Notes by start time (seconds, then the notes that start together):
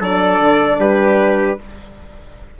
0.00 F#3 D4 A4 D5
0.39 D3
0.78 G3 G4 B4